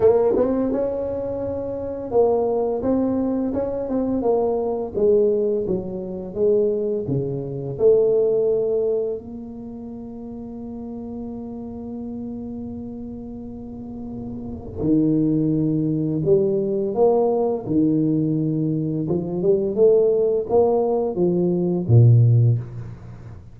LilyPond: \new Staff \with { instrumentName = "tuba" } { \time 4/4 \tempo 4 = 85 ais8 c'8 cis'2 ais4 | c'4 cis'8 c'8 ais4 gis4 | fis4 gis4 cis4 a4~ | a4 ais2.~ |
ais1~ | ais4 dis2 g4 | ais4 dis2 f8 g8 | a4 ais4 f4 ais,4 | }